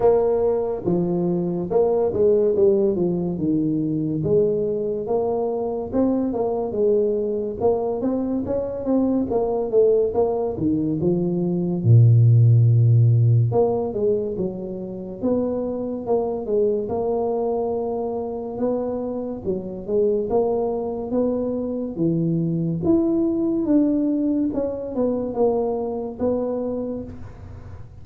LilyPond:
\new Staff \with { instrumentName = "tuba" } { \time 4/4 \tempo 4 = 71 ais4 f4 ais8 gis8 g8 f8 | dis4 gis4 ais4 c'8 ais8 | gis4 ais8 c'8 cis'8 c'8 ais8 a8 | ais8 dis8 f4 ais,2 |
ais8 gis8 fis4 b4 ais8 gis8 | ais2 b4 fis8 gis8 | ais4 b4 e4 e'4 | d'4 cis'8 b8 ais4 b4 | }